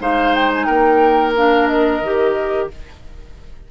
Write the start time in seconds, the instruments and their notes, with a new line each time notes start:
0.00 bassoon G#3, clarinet D#4, oboe C5, flute F5
0.35 flute G5
0.54 flute G#5
0.65 bassoon A#3, oboe A#4, flute G5
1.35 clarinet D4, flute F5
1.67 flute D#5
2.01 bassoon D#3, clarinet G4